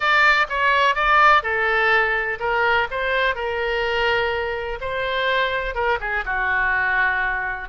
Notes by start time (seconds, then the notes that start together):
0.00 D5
0.49 C#5
0.95 D5
1.42 A4
2.39 A#4
2.90 C5
3.35 A#4
4.80 C5
5.75 A#4
6.00 G#4
6.25 F#4